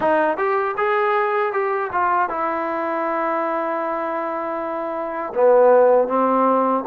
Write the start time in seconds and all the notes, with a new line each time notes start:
0.00 D#4
0.37 G4
0.77 G#4
1.52 G4
1.92 F4
2.29 E4
5.34 B3
6.08 C4